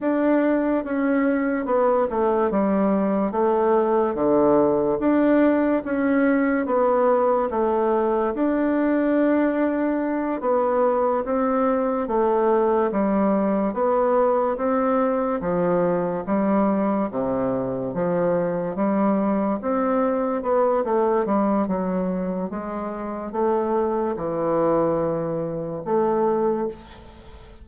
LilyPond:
\new Staff \with { instrumentName = "bassoon" } { \time 4/4 \tempo 4 = 72 d'4 cis'4 b8 a8 g4 | a4 d4 d'4 cis'4 | b4 a4 d'2~ | d'8 b4 c'4 a4 g8~ |
g8 b4 c'4 f4 g8~ | g8 c4 f4 g4 c'8~ | c'8 b8 a8 g8 fis4 gis4 | a4 e2 a4 | }